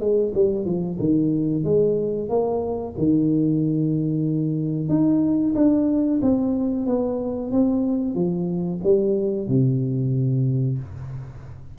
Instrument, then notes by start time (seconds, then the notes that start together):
tuba
0.00 G#3
0.34 G3
0.65 F3
0.99 D#3
1.64 G#3
2.29 A#3
2.98 D#3
4.89 D#4
5.55 D4
6.22 C4
6.87 B3
7.51 C4
8.15 F3
8.83 G3
9.48 C3